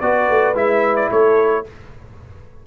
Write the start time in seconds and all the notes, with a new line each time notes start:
0.00 B3 F#4 B4 D5
0.28 A3
0.54 G#3 E4 E5
0.96 D5
1.11 A3 A4 C#5